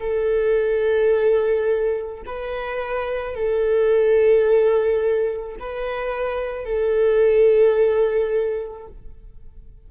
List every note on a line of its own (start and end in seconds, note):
0.00 2.22 A4
2.26 3.35 B4
3.35 5.57 A4
5.60 6.65 B4
6.65 8.87 A4